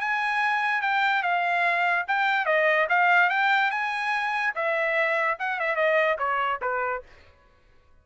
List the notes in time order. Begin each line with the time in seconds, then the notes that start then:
0.00 G#5
0.81 G5
1.23 F5
2.07 G5
2.45 D#5
2.89 F5
3.29 G5
3.71 G#5
4.55 E5
5.39 F#5
5.60 E5
5.75 D#5
6.18 C#5
6.61 B4